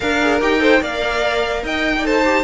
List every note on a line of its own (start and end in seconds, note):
0.00 0.40 D4
0.00 0.20 A#4
0.00 0.61 A#4
0.00 0.39 F5
0.21 0.40 G#4
0.40 0.81 D#4
0.40 0.59 G4
0.40 0.82 G5
0.59 0.79 A4
0.59 0.80 C5
0.79 1.62 A#3
0.79 2.02 A#4
0.79 1.62 D5
0.79 1.64 F5
1.62 2.44 D#4
1.62 1.94 D#5
1.62 2.06 G5
1.97 2.23 A4
1.97 2.05 D5
2.05 2.44 C5
2.05 2.44 A5
2.24 2.44 G4